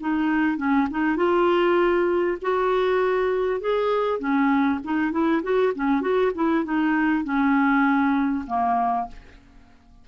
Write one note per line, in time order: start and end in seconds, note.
0.00 0.57 D#4
0.57 0.88 C#4
0.90 1.16 D#4
1.16 2.37 F4
2.42 3.60 F#4
3.60 4.19 G#4
4.19 4.80 C#4
4.84 5.12 D#4
5.12 5.42 E4
5.43 5.73 F#4
5.75 6.01 C#4
6.01 6.31 F#4
6.35 6.64 E4
6.64 7.24 D#4
7.24 8.45 C#4
8.47 9.07 A#3